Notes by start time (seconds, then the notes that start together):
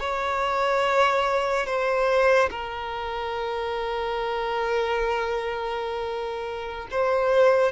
0.00 C#5
1.66 C5
2.50 A#4
6.91 C5